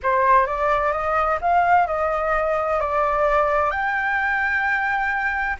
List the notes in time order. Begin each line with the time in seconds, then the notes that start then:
0.02 C5
0.46 D5
0.92 D#5
1.41 F5
1.86 D#5
2.80 D5
3.70 G5